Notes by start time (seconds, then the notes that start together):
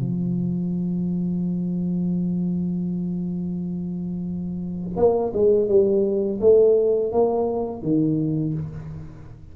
0.00 F3
4.97 A#3
5.34 G#3
5.69 G3
6.41 A3
7.13 A#3
7.83 D#3